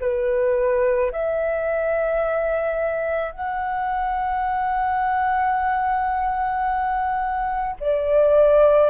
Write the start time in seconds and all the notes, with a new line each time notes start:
0.00 B4
1.11 E5
3.31 F#5
7.80 D5